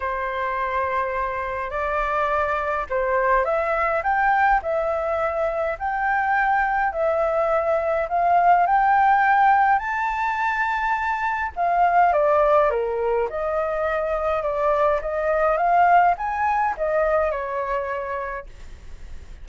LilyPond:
\new Staff \with { instrumentName = "flute" } { \time 4/4 \tempo 4 = 104 c''2. d''4~ | d''4 c''4 e''4 g''4 | e''2 g''2 | e''2 f''4 g''4~ |
g''4 a''2. | f''4 d''4 ais'4 dis''4~ | dis''4 d''4 dis''4 f''4 | gis''4 dis''4 cis''2 | }